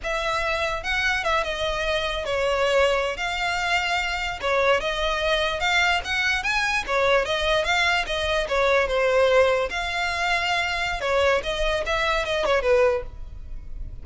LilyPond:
\new Staff \with { instrumentName = "violin" } { \time 4/4 \tempo 4 = 147 e''2 fis''4 e''8 dis''8~ | dis''4. cis''2~ cis''16 f''16~ | f''2~ f''8. cis''4 dis''16~ | dis''4.~ dis''16 f''4 fis''4 gis''16~ |
gis''8. cis''4 dis''4 f''4 dis''16~ | dis''8. cis''4 c''2 f''16~ | f''2. cis''4 | dis''4 e''4 dis''8 cis''8 b'4 | }